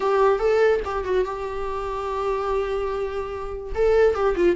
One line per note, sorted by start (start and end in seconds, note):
0.00 0.39 G4
0.39 0.80 A4
0.84 1.04 G4
1.04 1.25 F#4
1.25 3.73 G4
3.74 4.14 A4
4.14 4.35 G4
4.36 4.56 F4